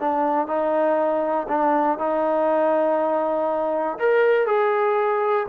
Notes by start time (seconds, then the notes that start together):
0.00 D4
0.47 D#4
1.48 D4
1.98 D#4
3.98 A#4
4.46 G#4